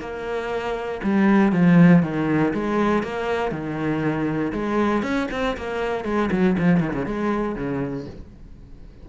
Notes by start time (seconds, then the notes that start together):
0.00 A#3
1.03 G3
1.52 F3
2.02 D#3
2.53 G#3
3.03 A#3
3.51 D#3
4.52 G#3
5.03 C#4
5.31 C4
5.57 A#3
6.04 G#3
6.31 F#3
6.58 F3
6.80 D#3
6.94 C#3
7.06 G#3
7.55 C#3